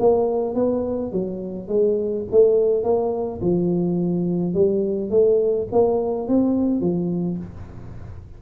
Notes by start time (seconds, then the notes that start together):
0.00 A#3
0.55 B3
1.12 F#3
1.68 G#3
2.31 A3
2.84 A#3
3.42 F3
4.54 G3
5.11 A3
5.72 A#3
6.28 C4
6.81 F3